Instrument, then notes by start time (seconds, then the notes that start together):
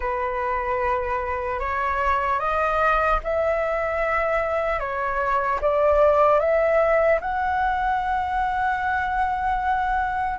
flute
0.00 B4
1.59 C#5
2.39 D#5
3.23 E5
4.79 C#5
5.61 D5
6.39 E5
7.20 F#5